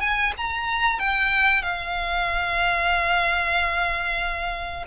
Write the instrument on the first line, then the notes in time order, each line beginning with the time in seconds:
violin
0.00 G#5
0.37 A#5
0.99 G5
1.62 F5